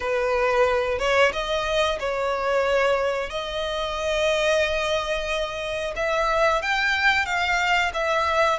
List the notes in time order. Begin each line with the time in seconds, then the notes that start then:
0.00 B4
0.99 C#5
1.32 D#5
1.99 C#5
3.30 D#5
5.96 E5
6.61 G5
7.25 F5
7.93 E5